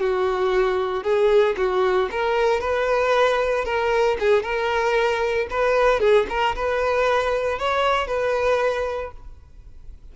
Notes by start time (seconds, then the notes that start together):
0.00 F#4
1.03 G#4
1.57 F#4
2.11 A#4
2.61 B4
3.65 A#4
4.20 G#4
4.43 A#4
5.50 B4
6.00 G#4
6.29 A#4
6.55 B4
7.59 C#5
8.07 B4